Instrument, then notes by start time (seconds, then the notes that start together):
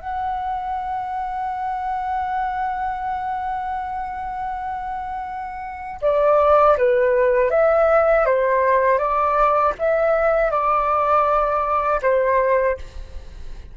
flute
0.00 F#5
6.02 D5
6.78 B4
7.51 E5
8.26 C5
8.99 D5
9.79 E5
10.51 D5
12.02 C5